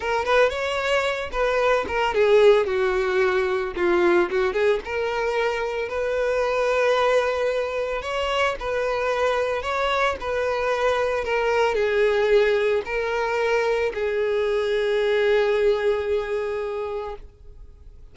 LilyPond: \new Staff \with { instrumentName = "violin" } { \time 4/4 \tempo 4 = 112 ais'8 b'8 cis''4. b'4 ais'8 | gis'4 fis'2 f'4 | fis'8 gis'8 ais'2 b'4~ | b'2. cis''4 |
b'2 cis''4 b'4~ | b'4 ais'4 gis'2 | ais'2 gis'2~ | gis'1 | }